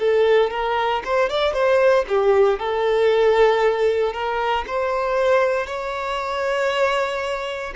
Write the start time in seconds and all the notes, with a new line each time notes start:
0.00 A4
0.51 A#4
1.05 C5
1.30 D5
1.54 C5
2.09 G4
2.60 A4
4.13 A#4
4.67 C5
5.67 C#5